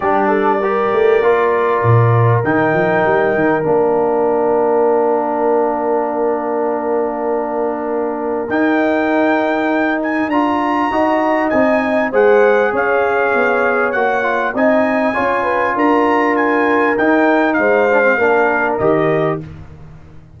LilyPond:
<<
  \new Staff \with { instrumentName = "trumpet" } { \time 4/4 \tempo 4 = 99 d''1 | g''2 f''2~ | f''1~ | f''2 g''2~ |
g''8 gis''8 ais''2 gis''4 | fis''4 f''2 fis''4 | gis''2 ais''4 gis''4 | g''4 f''2 dis''4 | }
  \new Staff \with { instrumentName = "horn" } { \time 4/4 g'8 a'8 ais'2.~ | ais'1~ | ais'1~ | ais'1~ |
ais'2 dis''2 | c''4 cis''2. | dis''4 cis''8 b'8 ais'2~ | ais'4 c''4 ais'2 | }
  \new Staff \with { instrumentName = "trombone" } { \time 4/4 d'4 g'4 f'2 | dis'2 d'2~ | d'1~ | d'2 dis'2~ |
dis'4 f'4 fis'4 dis'4 | gis'2. fis'8 f'8 | dis'4 f'2. | dis'4. d'16 c'16 d'4 g'4 | }
  \new Staff \with { instrumentName = "tuba" } { \time 4/4 g4. a8 ais4 ais,4 | dis8 f8 g8 dis8 ais2~ | ais1~ | ais2 dis'2~ |
dis'4 d'4 dis'4 c'4 | gis4 cis'4 b4 ais4 | c'4 cis'4 d'2 | dis'4 gis4 ais4 dis4 | }
>>